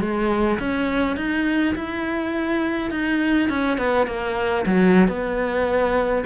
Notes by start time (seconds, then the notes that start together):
0.00 G#3
0.59 C#4
1.16 D#4
1.75 E4
2.91 D#4
3.49 C#4
3.77 B3
4.07 A#3
4.66 F#3
5.08 B3